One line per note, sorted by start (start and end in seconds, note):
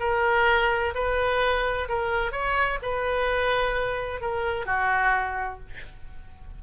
0.00 0.94 A#4
0.94 1.88 B4
1.89 2.32 A#4
2.32 2.79 C#5
2.82 4.21 B4
4.21 4.66 A#4
4.66 5.60 F#4